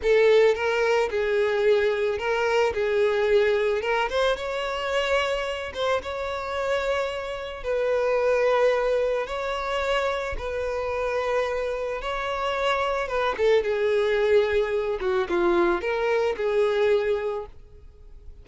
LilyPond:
\new Staff \with { instrumentName = "violin" } { \time 4/4 \tempo 4 = 110 a'4 ais'4 gis'2 | ais'4 gis'2 ais'8 c''8 | cis''2~ cis''8 c''8 cis''4~ | cis''2 b'2~ |
b'4 cis''2 b'4~ | b'2 cis''2 | b'8 a'8 gis'2~ gis'8 fis'8 | f'4 ais'4 gis'2 | }